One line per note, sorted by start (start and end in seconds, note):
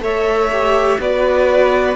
0.00 0.97 A3
0.00 0.49 A4
0.00 0.99 C#5
0.00 1.00 E5
0.52 1.00 G4
0.99 1.96 B3
0.99 1.96 F#4
0.99 1.96 B4
0.99 1.96 D5